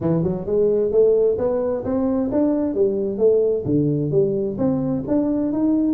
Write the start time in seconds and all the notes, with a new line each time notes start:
0.00 E3
0.23 F#3
0.46 G#3
0.91 A3
1.38 B3
1.84 C4
2.31 D4
2.74 G3
3.18 A3
3.65 D3
4.11 G3
4.57 C4
5.07 D4
5.52 D#4